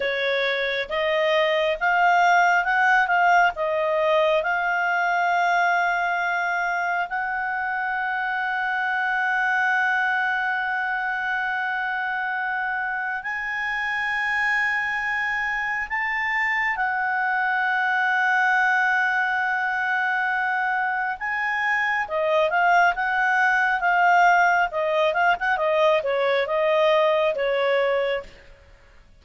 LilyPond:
\new Staff \with { instrumentName = "clarinet" } { \time 4/4 \tempo 4 = 68 cis''4 dis''4 f''4 fis''8 f''8 | dis''4 f''2. | fis''1~ | fis''2. gis''4~ |
gis''2 a''4 fis''4~ | fis''1 | gis''4 dis''8 f''8 fis''4 f''4 | dis''8 f''16 fis''16 dis''8 cis''8 dis''4 cis''4 | }